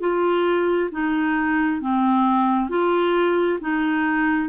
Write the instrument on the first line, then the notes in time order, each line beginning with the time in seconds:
clarinet
0.00 F4
0.91 D#4
1.81 C4
2.69 F4
3.60 D#4